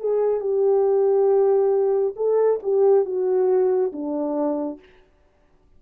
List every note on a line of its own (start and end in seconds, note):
0.00 0.41 G#4
0.41 2.15 G4
2.16 2.60 A4
2.63 3.05 G4
3.05 3.92 F#4
3.92 4.79 D4